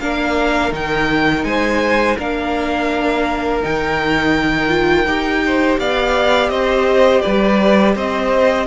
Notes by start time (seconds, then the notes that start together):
0.00 A#3 D4 A#4 F5
0.72 D#3 D#4 G5
1.44 G#3 C5 G#5
2.18 A#3 D4 A#4 F5
3.62 D#3 D#4 G5
4.69 F4
5.06 D#4 G4
5.46 C5
5.79 B3 D5 F5
6.49 C4 C5 D#5
7.21 G3 B4 D5
7.95 C4 C5 D#5